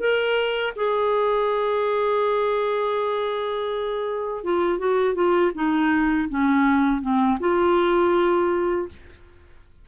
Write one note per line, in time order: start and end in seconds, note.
0.00 0.74 A#4
0.76 4.44 G#4
4.44 4.79 F4
4.79 5.15 F#4
5.15 5.52 F4
5.55 6.29 D#4
6.30 7.02 C#4
7.02 7.39 C4
7.40 8.89 F4